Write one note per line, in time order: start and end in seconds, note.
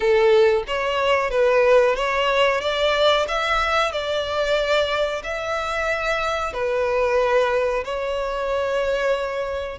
0.00 0.63 A4
0.67 1.30 C#5
1.30 1.95 B4
1.95 2.60 C#5
2.60 3.25 D5
3.28 3.92 E5
3.92 5.22 D5
5.24 6.53 E5
6.53 7.83 B4
7.84 9.78 C#5